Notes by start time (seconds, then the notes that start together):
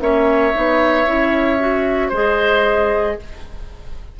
0.00 A#3 C#4 C#5 E5
0.53 B3 D#4
1.06 C#4 E4
1.59 F#4
2.08 G#3 G#4 C5 D#5